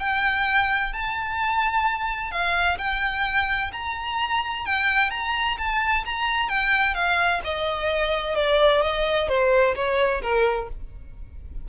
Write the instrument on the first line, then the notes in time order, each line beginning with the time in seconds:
violin
0.00 G5
0.93 A5
2.32 F5
2.78 G5
3.73 A#5
4.66 G5
5.11 A#5
5.58 A5
6.05 A#5
6.49 G5
6.95 F5
7.44 D#5
8.35 D5
8.82 D#5
9.28 C5
9.75 C#5
10.22 A#4